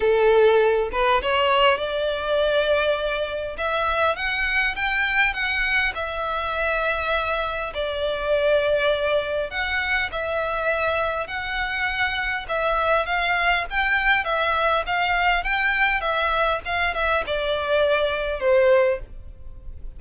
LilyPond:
\new Staff \with { instrumentName = "violin" } { \time 4/4 \tempo 4 = 101 a'4. b'8 cis''4 d''4~ | d''2 e''4 fis''4 | g''4 fis''4 e''2~ | e''4 d''2. |
fis''4 e''2 fis''4~ | fis''4 e''4 f''4 g''4 | e''4 f''4 g''4 e''4 | f''8 e''8 d''2 c''4 | }